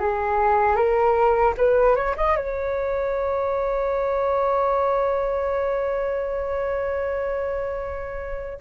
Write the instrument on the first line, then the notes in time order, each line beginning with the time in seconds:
flute
0.00 G#4
0.76 A#4
1.58 B4
1.96 C#5
2.17 D#5
2.37 C#5